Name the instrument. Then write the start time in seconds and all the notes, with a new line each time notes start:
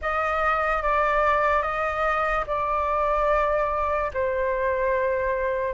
flute
0.01 D#5
0.82 D5
1.62 D#5
2.47 D5
4.13 C5